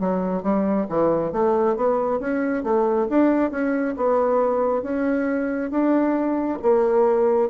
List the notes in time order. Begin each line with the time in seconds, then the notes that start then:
0.00 F#3
0.43 G3
0.89 E3
1.32 A3
1.76 B3
2.20 C#4
2.64 A3
3.10 D4
3.51 C#4
3.97 B3
4.83 C#4
5.71 D4
6.63 A#3